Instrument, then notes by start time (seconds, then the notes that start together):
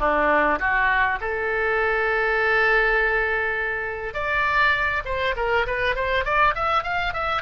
oboe
0.00 D4
0.60 F#4
1.21 A4
4.14 D5
5.05 C5
5.37 A#4
5.67 B4
5.96 C5
6.25 D5
6.55 E5
6.84 F5
7.14 E5